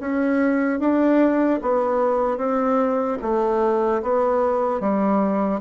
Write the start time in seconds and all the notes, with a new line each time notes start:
0.00 C#4
0.79 D4
1.62 B3
2.38 C4
3.22 A3
4.03 B3
4.80 G3